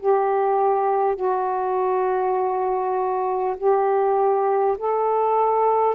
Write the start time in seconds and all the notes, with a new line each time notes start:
0.00 G4
1.16 F#4
3.57 G4
4.78 A4